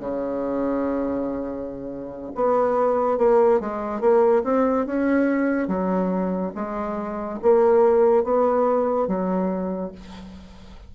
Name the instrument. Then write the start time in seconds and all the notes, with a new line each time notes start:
bassoon
0.00 C#3
2.35 B3
3.18 A#3
3.60 G#3
4.01 A#3
4.44 C4
4.86 C#4
5.68 F#3
6.55 G#3
7.43 A#3
8.24 B3
9.07 F#3